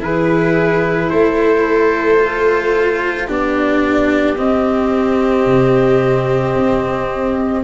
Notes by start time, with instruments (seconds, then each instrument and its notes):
0.00 tuba E3, cello E4, viola G#4, trumpet B4
1.10 tuba A3, viola A4, trumpet C5
2.19 cello F4
3.27 tuba B3, cello D4, viola G4, trumpet D5
4.38 cello C4, tuba C4, trumpet D#5
5.46 tuba C3
6.56 tuba C4